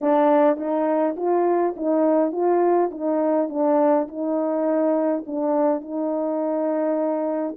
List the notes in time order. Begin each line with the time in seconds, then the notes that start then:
0.01 D4
0.57 D#4
1.16 F4
1.76 D#4
2.32 F4
2.91 D#4
3.49 D4
4.08 D#4
5.26 D4
5.81 D#4